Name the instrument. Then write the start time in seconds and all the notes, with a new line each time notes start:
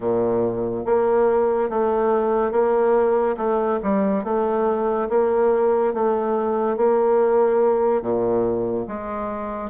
bassoon
0.00 A#2
0.85 A#3
1.69 A3
2.51 A#3
3.37 A3
3.83 G3
4.24 A3
5.09 A#3
5.93 A3
6.76 A#3
8.02 A#2
8.87 G#3